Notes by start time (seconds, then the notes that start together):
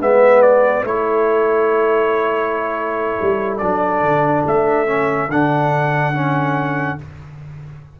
0.00 G#3 B3 B4 E5
0.42 D5
0.84 A3 E4 A4 C#5
3.21 G3
3.57 F#3 D4 D5
4.01 D3
4.46 A3 E5
4.86 C#4
5.29 D3 D4 F#5
6.14 C#4